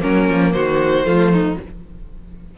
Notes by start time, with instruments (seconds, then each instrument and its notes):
0.00 cello F#3, viola A#3, violin C#4 A#4
0.29 cello F3
0.52 cello D#3, violin F#4 C5
1.04 cello F3, viola A3, violin F4
1.32 violin D#4